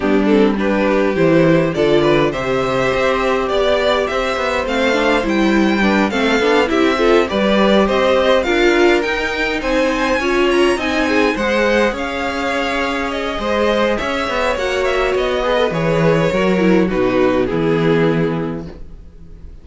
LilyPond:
<<
  \new Staff \with { instrumentName = "violin" } { \time 4/4 \tempo 4 = 103 g'8 a'8 b'4 c''4 d''4 | e''2 d''4 e''4 | f''4 g''4. f''4 e''8~ | e''8 d''4 dis''4 f''4 g''8~ |
g''8 gis''4. ais''8 gis''4 fis''8~ | fis''8 f''2 dis''4. | e''4 fis''8 e''8 dis''4 cis''4~ | cis''4 b'4 gis'2 | }
  \new Staff \with { instrumentName = "violin" } { \time 4/4 d'4 g'2 a'8 b'8 | c''2 d''4 c''4~ | c''2 b'8 a'4 g'8 | a'8 b'4 c''4 ais'4.~ |
ais'8 c''4 cis''4 dis''8 gis'8 c''8~ | c''8 cis''2~ cis''8 c''4 | cis''2~ cis''8 b'4. | ais'4 fis'4 e'2 | }
  \new Staff \with { instrumentName = "viola" } { \time 4/4 b8 c'8 d'4 e'4 f'4 | g'1 | c'8 d'8 e'4 d'8 c'8 d'8 e'8 | f'8 g'2 f'4 dis'8~ |
dis'4. f'4 dis'4 gis'8~ | gis'1~ | gis'4 fis'4. gis'16 a'16 gis'4 | fis'8 e'8 dis'4 b2 | }
  \new Staff \with { instrumentName = "cello" } { \time 4/4 g2 e4 d4 | c4 c'4 b4 c'8 b8 | a4 g4. a8 b8 c'8~ | c'8 g4 c'4 d'4 dis'8~ |
dis'8 c'4 cis'4 c'4 gis8~ | gis8 cis'2~ cis'8 gis4 | cis'8 b8 ais4 b4 e4 | fis4 b,4 e2 | }
>>